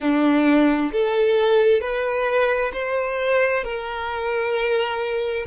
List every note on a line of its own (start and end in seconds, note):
0.00 0.91 D4
0.92 1.81 A4
1.81 2.71 B4
2.73 3.64 C5
3.64 5.45 A#4